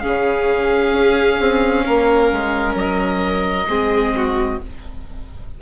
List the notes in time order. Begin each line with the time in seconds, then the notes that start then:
0.00 C#4 G#4 F5
0.06 C#3
0.93 C#4
1.40 C4
1.86 A#3 A#4
2.32 G#3
2.75 F#3 D#5
3.68 G#3 C4 G#4
4.16 F#4